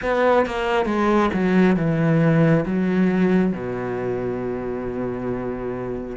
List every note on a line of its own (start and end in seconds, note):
0.02 0.46 B3
0.46 0.85 A#3
0.85 1.30 G#3
1.33 1.76 F#3
1.76 2.64 E3
2.65 3.53 F#3
3.53 6.16 B2